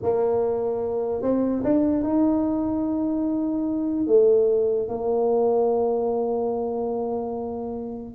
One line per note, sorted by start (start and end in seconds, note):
0.02 1.22 A#3
1.22 1.62 C4
1.64 2.03 D4
2.03 4.06 D#4
4.06 4.88 A3
4.88 8.14 A#3